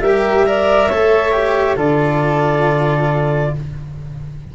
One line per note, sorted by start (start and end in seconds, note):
0.00 0.88 G3
0.00 0.47 G4
0.00 0.46 A#4
0.00 1.77 E5
0.47 0.91 A#4
0.47 0.89 D5
0.89 1.77 A3
0.89 1.33 A4
0.89 1.77 C#5
1.33 1.77 G4
1.77 3.53 D3
1.77 3.53 F4
1.77 3.53 A4
1.77 3.55 D5